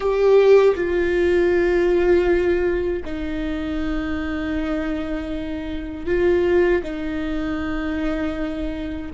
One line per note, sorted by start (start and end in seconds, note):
0.00 0.74 G4
0.75 3.03 F4
3.04 6.06 D#4
6.06 6.81 F4
6.83 9.11 D#4